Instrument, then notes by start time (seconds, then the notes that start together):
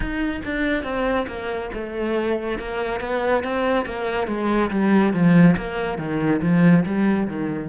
cello
0.00 D#4
0.44 D4
0.83 C4
1.27 A#3
1.73 A3
2.59 A#3
3.00 B3
3.43 C4
3.85 A#3
4.27 G#3
4.70 G3
5.13 F3
5.56 A#3
5.98 D#3
6.42 F3
6.85 G3
7.27 D#3